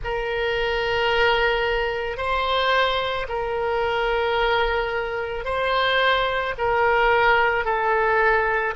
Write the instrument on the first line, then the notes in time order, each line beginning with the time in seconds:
oboe
0.03 A#4
2.17 C5
3.28 A#4
5.44 C5
6.58 A#4
7.65 A4